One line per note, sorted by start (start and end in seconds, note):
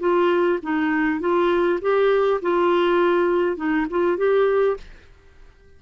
0.00 0.59 F4
0.63 1.20 D#4
1.20 1.80 F4
1.82 2.41 G4
2.42 3.57 F4
3.57 3.87 D#4
3.91 4.18 F4
4.18 4.77 G4